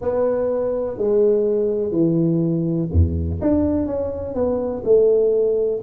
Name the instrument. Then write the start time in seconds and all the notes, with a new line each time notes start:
tuba
0.01 B3
0.97 G#3
1.91 E3
2.92 E2
3.41 D4
3.86 C#4
4.34 B3
4.84 A3